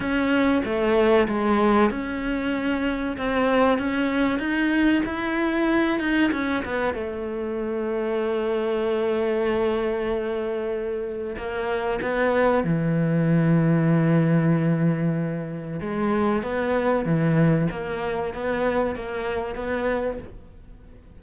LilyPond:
\new Staff \with { instrumentName = "cello" } { \time 4/4 \tempo 4 = 95 cis'4 a4 gis4 cis'4~ | cis'4 c'4 cis'4 dis'4 | e'4. dis'8 cis'8 b8 a4~ | a1~ |
a2 ais4 b4 | e1~ | e4 gis4 b4 e4 | ais4 b4 ais4 b4 | }